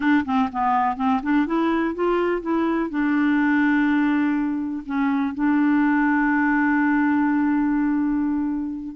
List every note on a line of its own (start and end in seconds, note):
0.00 0.24 D4
0.25 0.49 C4
0.51 0.96 B3
0.96 1.20 C4
1.22 1.46 D4
1.46 1.94 E4
1.95 2.41 F4
2.41 2.90 E4
2.90 4.83 D4
4.86 5.34 C#4
5.34 8.95 D4